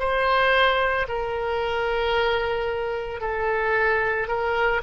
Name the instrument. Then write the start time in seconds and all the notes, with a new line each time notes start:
oboe
0.00 C5
1.09 A#4
3.21 A4
4.29 A#4